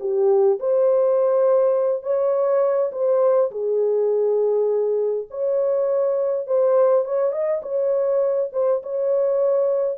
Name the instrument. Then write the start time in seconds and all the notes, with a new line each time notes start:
horn
0.00 G4
0.60 C5
2.03 C#5
2.92 C5
3.51 G#4
5.30 C#5
6.47 C5
7.05 C#5
7.32 D#5
7.62 C#5
8.52 C5
8.83 C#5